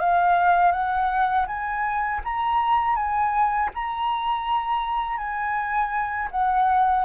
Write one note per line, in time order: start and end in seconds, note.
0.00 0.72 F5
0.72 1.46 F#5
1.47 2.21 G#5
2.24 2.96 A#5
2.96 3.70 G#5
3.75 5.18 A#5
5.18 6.29 G#5
6.31 7.05 F#5